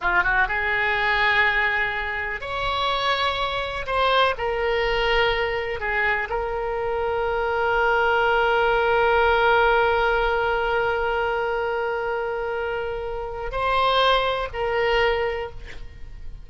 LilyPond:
\new Staff \with { instrumentName = "oboe" } { \time 4/4 \tempo 4 = 124 f'8 fis'8 gis'2.~ | gis'4 cis''2. | c''4 ais'2. | gis'4 ais'2.~ |
ais'1~ | ais'1~ | ais'1 | c''2 ais'2 | }